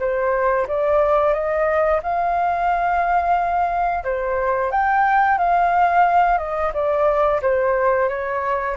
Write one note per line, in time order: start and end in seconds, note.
0.00 0.67 C5
0.68 1.34 D5
1.34 2.01 D#5
2.03 4.04 F5
4.04 4.72 C5
4.72 5.38 G5
5.38 6.39 F5
6.39 6.72 D#5
6.74 7.41 D5
7.42 8.09 C5
8.09 8.77 C#5